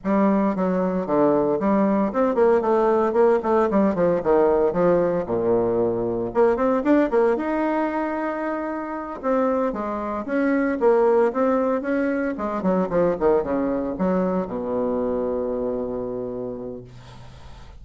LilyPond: \new Staff \with { instrumentName = "bassoon" } { \time 4/4 \tempo 4 = 114 g4 fis4 d4 g4 | c'8 ais8 a4 ais8 a8 g8 f8 | dis4 f4 ais,2 | ais8 c'8 d'8 ais8 dis'2~ |
dis'4. c'4 gis4 cis'8~ | cis'8 ais4 c'4 cis'4 gis8 | fis8 f8 dis8 cis4 fis4 b,8~ | b,1 | }